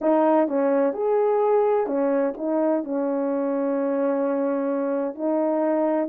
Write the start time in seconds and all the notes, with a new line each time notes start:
0.01 D#4
0.48 C#4
0.93 G#4
1.86 C#4
2.37 D#4
2.84 C#4
5.15 D#4